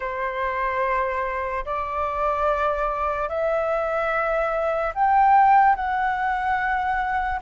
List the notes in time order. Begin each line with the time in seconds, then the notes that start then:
0.00 C5
1.65 D5
3.28 E5
4.94 G5
5.75 F#5